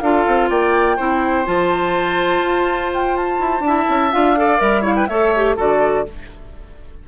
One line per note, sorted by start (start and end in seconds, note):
0.00 0.26 D4
0.00 0.98 F4
0.00 0.49 A4
0.00 0.48 F5
0.27 0.50 C4
0.49 0.98 A#3
0.49 0.96 D5
0.49 1.46 G5
0.96 1.47 C4
0.96 1.45 E4
0.96 3.63 C5
1.45 2.41 F3
1.45 3.63 F4
1.45 2.91 A5
2.41 3.38 F4
2.94 3.17 G5
3.17 4.12 A5
3.39 3.60 E4
3.60 3.84 D4
3.66 4.12 E4
3.66 4.39 E5
3.89 4.13 C#4
4.12 4.60 D4
4.12 4.36 F4
4.12 4.60 F5
4.36 4.58 A4
4.36 4.81 D5
4.58 5.08 G3
4.58 4.82 A#4
4.58 4.85 E5
4.81 5.07 E4
4.81 4.93 C#5
4.81 4.95 F5
4.95 5.08 B4
4.95 5.07 G5
5.07 5.57 A3
5.07 5.34 A4
5.07 5.56 C#5
5.07 5.56 E5
5.36 5.57 G4
5.56 6.07 D3
5.56 6.05 F#4
5.56 6.04 A4
5.56 6.08 D5